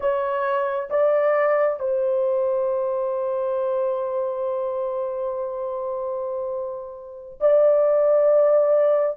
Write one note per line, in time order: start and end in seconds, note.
0.00 0.89 C#5
0.90 1.79 D5
1.79 7.39 C5
7.40 9.17 D5